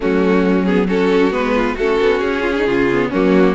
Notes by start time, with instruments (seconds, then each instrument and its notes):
0.00 cello F#3, viola A3, violin C#4 F#4
0.65 viola B3, violin G#4
0.87 viola C#4, violin F#4 A4
1.31 cello G#3, viola B3, violin B4
1.55 violin F4
1.74 cello A3, viola C#4, violin F#4 A4
2.00 cello B3
2.20 cello C#4, violin G#4
2.41 violin F4
2.56 violin D#4
2.66 cello C#3, violin F4
2.91 viola B3
3.09 cello F#3, viola A#3, violin C#4 F#4